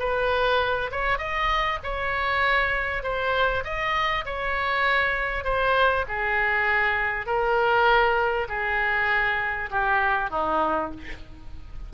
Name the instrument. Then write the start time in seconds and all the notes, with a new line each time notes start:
oboe
0.00 B4
0.92 C#5
1.18 D#5
1.84 C#5
3.04 C5
3.64 D#5
4.26 C#5
5.45 C5
6.09 G#4
7.26 A#4
8.49 G#4
9.71 G4
10.31 D#4